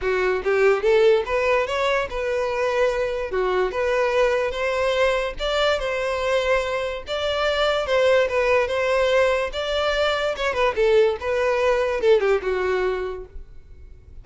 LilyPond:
\new Staff \with { instrumentName = "violin" } { \time 4/4 \tempo 4 = 145 fis'4 g'4 a'4 b'4 | cis''4 b'2. | fis'4 b'2 c''4~ | c''4 d''4 c''2~ |
c''4 d''2 c''4 | b'4 c''2 d''4~ | d''4 cis''8 b'8 a'4 b'4~ | b'4 a'8 g'8 fis'2 | }